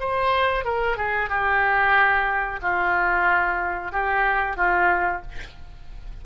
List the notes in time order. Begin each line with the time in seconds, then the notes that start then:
0.00 C5
0.65 A#4
0.97 G#4
1.30 G4
2.62 F4
3.92 G4
4.57 F4